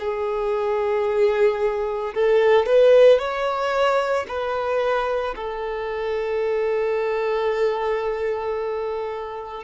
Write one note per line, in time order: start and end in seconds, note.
0.00 2.14 G#4
2.15 2.66 A4
2.66 3.19 B4
3.19 4.26 C#5
4.28 5.35 B4
5.36 9.64 A4